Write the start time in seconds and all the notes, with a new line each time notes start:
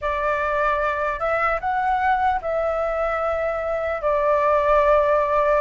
0.01 D5
1.19 E5
1.60 F#5
2.41 E5
4.01 D5